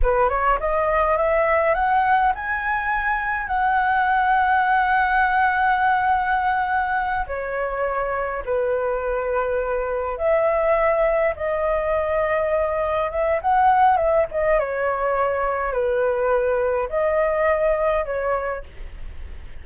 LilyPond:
\new Staff \with { instrumentName = "flute" } { \time 4/4 \tempo 4 = 103 b'8 cis''8 dis''4 e''4 fis''4 | gis''2 fis''2~ | fis''1~ | fis''8 cis''2 b'4.~ |
b'4. e''2 dis''8~ | dis''2~ dis''8 e''8 fis''4 | e''8 dis''8 cis''2 b'4~ | b'4 dis''2 cis''4 | }